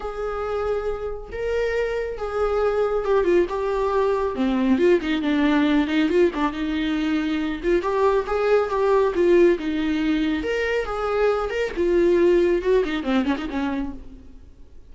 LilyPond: \new Staff \with { instrumentName = "viola" } { \time 4/4 \tempo 4 = 138 gis'2. ais'4~ | ais'4 gis'2 g'8 f'8 | g'2 c'4 f'8 dis'8 | d'4. dis'8 f'8 d'8 dis'4~ |
dis'4. f'8 g'4 gis'4 | g'4 f'4 dis'2 | ais'4 gis'4. ais'8 f'4~ | f'4 fis'8 dis'8 c'8 cis'16 dis'16 cis'4 | }